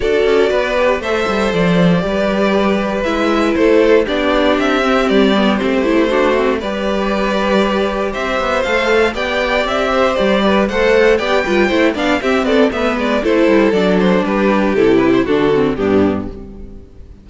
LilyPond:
<<
  \new Staff \with { instrumentName = "violin" } { \time 4/4 \tempo 4 = 118 d''2 e''4 d''4~ | d''2 e''4 c''4 | d''4 e''4 d''4 c''4~ | c''4 d''2. |
e''4 f''4 g''4 e''4 | d''4 fis''4 g''4. f''8 | e''8 d''8 e''8 d''8 c''4 d''8 c''8 | b'4 a'8 b'16 c''16 a'4 g'4 | }
  \new Staff \with { instrumentName = "violin" } { \time 4/4 a'4 b'4 c''2 | b'2. a'4 | g'1 | fis'4 b'2. |
c''2 d''4. c''8~ | c''8 b'8 c''4 d''8 b'8 c''8 d''8 | g'8 a'8 b'4 a'2 | g'2 fis'4 d'4 | }
  \new Staff \with { instrumentName = "viola" } { \time 4/4 fis'4. g'8 a'2 | g'2 e'2 | d'4. c'4 b8 c'8 e'8 | d'8 c'8 g'2.~ |
g'4 a'4 g'2~ | g'4 a'4 g'8 f'8 e'8 d'8 | c'4 b4 e'4 d'4~ | d'4 e'4 d'8 c'8 b4 | }
  \new Staff \with { instrumentName = "cello" } { \time 4/4 d'8 cis'8 b4 a8 g8 f4 | g2 gis4 a4 | b4 c'4 g4 a4~ | a4 g2. |
c'8 b8 a4 b4 c'4 | g4 a4 b8 g8 a8 b8 | c'8 b8 a8 gis8 a8 g8 fis4 | g4 c4 d4 g,4 | }
>>